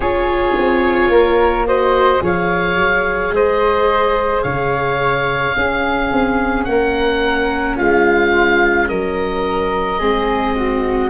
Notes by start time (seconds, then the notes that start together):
0.00 C#4 F4 G#4 C#5
0.57 C4
1.08 A#3 A#4
1.67 F#4 C5 D#5
2.20 F3 G#4 C#5 F5
2.76 F#3
3.31 G#3 C5 D#5
4.43 C#3 C#5 F5
5.56 C#4 G#4
6.12 C4
6.64 A#3 A#4 F#5
7.76 G#3 F4 F5
8.88 F#3 A#4 D#5
9.99 G#3 C4 G#4
10.55 F#4